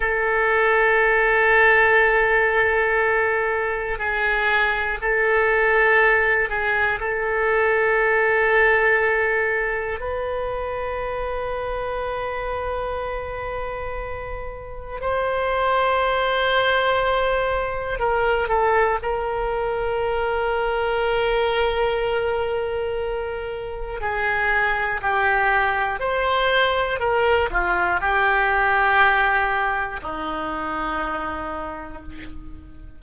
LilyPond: \new Staff \with { instrumentName = "oboe" } { \time 4/4 \tempo 4 = 60 a'1 | gis'4 a'4. gis'8 a'4~ | a'2 b'2~ | b'2. c''4~ |
c''2 ais'8 a'8 ais'4~ | ais'1 | gis'4 g'4 c''4 ais'8 f'8 | g'2 dis'2 | }